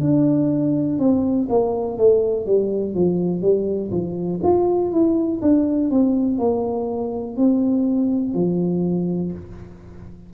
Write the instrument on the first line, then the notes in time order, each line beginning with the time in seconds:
tuba
0.00 D4
0.98 C4
1.49 A#3
1.97 A3
2.45 G3
2.94 F3
3.41 G3
3.91 F3
4.43 F4
4.91 E4
5.41 D4
5.90 C4
6.38 A#3
7.36 C4
8.34 F3